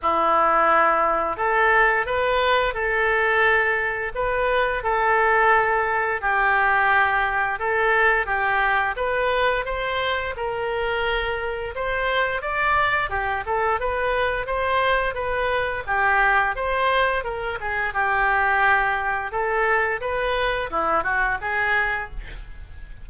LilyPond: \new Staff \with { instrumentName = "oboe" } { \time 4/4 \tempo 4 = 87 e'2 a'4 b'4 | a'2 b'4 a'4~ | a'4 g'2 a'4 | g'4 b'4 c''4 ais'4~ |
ais'4 c''4 d''4 g'8 a'8 | b'4 c''4 b'4 g'4 | c''4 ais'8 gis'8 g'2 | a'4 b'4 e'8 fis'8 gis'4 | }